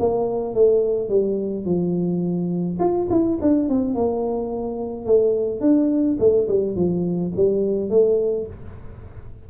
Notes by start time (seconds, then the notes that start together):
0.00 A#3
0.55 A3
1.10 G3
1.66 F3
2.80 F4
3.11 E4
3.42 D4
3.70 C4
3.95 A#3
5.06 A3
5.61 D4
6.20 A3
6.49 G3
6.76 F3
7.36 G3
7.90 A3